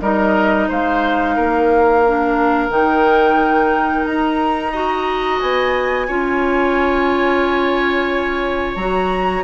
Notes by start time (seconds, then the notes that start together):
0.00 G3 D#4 A#4 D#5
0.68 G#3 C5 F5
1.36 A#3 A#4
2.06 D4
2.69 D#3 D#4 G5
4.05 D#4 A#5
4.71 F#4 D#5
5.39 B3 G#5
6.07 C#4 F4 C#5
8.75 F#3 F#4 A#5